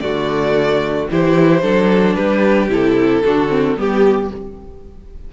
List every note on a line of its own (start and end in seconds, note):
0.00 1.08 D3
0.00 1.09 A3
0.00 1.10 F#4
0.00 1.07 D5
1.10 1.63 E3
1.10 1.62 E4
1.10 1.62 G4
1.10 2.15 C5
1.62 2.16 F#3
1.62 2.69 D4
1.62 2.16 A4
2.15 2.68 G3
2.15 3.23 G4
2.15 2.68 B4
2.68 3.22 C3
2.68 3.23 E4
2.68 3.79 A4
3.24 3.77 D3
3.24 3.49 D4
3.24 3.78 F#4
3.49 3.75 C4
3.77 4.30 G3
3.77 4.30 B3
3.77 4.31 G4
3.77 4.33 G4